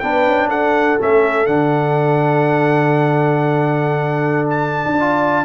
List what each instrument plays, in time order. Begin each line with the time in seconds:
0.00 tuba B3, trombone D4, horn B4, trumpet G5
0.27 tuba C#4
0.47 tuba D4, horn A4, trumpet F#5
0.99 tuba A3, trombone C#4, trumpet E5
1.46 tuba D3, trombone D4, trumpet F#5
4.50 trumpet A5
4.86 tuba D4
4.97 trombone F4, horn D5